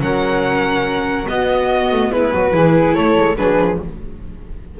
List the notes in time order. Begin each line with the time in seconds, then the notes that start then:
0.00 F#3 C#4 A#4 F#5
1.25 B3 F#4 D#5
1.91 A3
2.11 G#3 E4 B4
2.32 F#3 F#4
2.51 E3 E4 G#4
2.94 A3 A4 C#5
3.17 G#3
3.37 F#3 D4 G#4 B4
3.57 F3